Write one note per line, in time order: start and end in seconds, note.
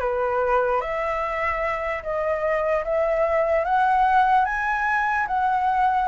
0.00 0.81 B4
0.81 2.02 E5
2.03 2.84 D#5
2.85 3.65 E5
3.65 4.45 F#5
4.45 5.26 G#5
5.27 6.08 F#5